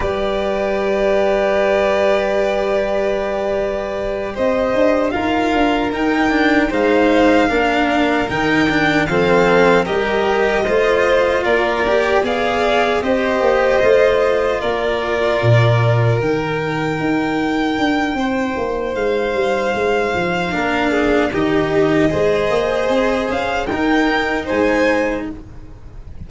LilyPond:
<<
  \new Staff \with { instrumentName = "violin" } { \time 4/4 \tempo 4 = 76 d''1~ | d''4. dis''4 f''4 g''8~ | g''8 f''2 g''4 f''8~ | f''8 dis''2 d''4 f''8~ |
f''8 dis''2 d''4.~ | d''8 g''2.~ g''8 | f''2. dis''4~ | dis''4. f''8 g''4 gis''4 | }
  \new Staff \with { instrumentName = "violin" } { \time 4/4 b'1~ | b'4. c''4 ais'4.~ | ais'8 c''4 ais'2 a'8~ | a'8 ais'4 c''4 ais'4 d''8~ |
d''8 c''2 ais'4.~ | ais'2. c''4~ | c''2 ais'8 gis'8 g'4 | c''2 ais'4 c''4 | }
  \new Staff \with { instrumentName = "cello" } { \time 4/4 g'1~ | g'2~ g'8 f'4 dis'8 | d'8 dis'4 d'4 dis'8 d'8 c'8~ | c'8 g'4 f'4. g'8 gis'8~ |
gis'8 g'4 f'2~ f'8~ | f'8 dis'2.~ dis'8~ | dis'2 d'4 dis'4 | gis'2 dis'2 | }
  \new Staff \with { instrumentName = "tuba" } { \time 4/4 g1~ | g4. c'8 d'8 dis'8 d'8 dis'8~ | dis'8 gis4 ais4 dis4 f8~ | f8 g4 a4 ais4 b8~ |
b8 c'8 ais8 a4 ais4 ais,8~ | ais,8 dis4 dis'4 d'8 c'8 ais8 | gis8 g8 gis8 f8 ais4 dis4 | gis8 ais8 c'8 cis'8 dis'4 gis4 | }
>>